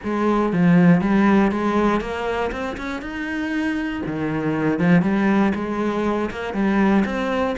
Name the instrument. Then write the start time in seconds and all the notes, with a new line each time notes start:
cello
0.03 G#3
0.52 F3
1.01 G3
1.51 G#3
2.00 A#3
2.51 C4
2.77 C#4
3.01 D#4
4.05 D#3
4.79 F3
5.02 G3
5.54 G#3
6.30 A#3
6.53 G3
7.05 C4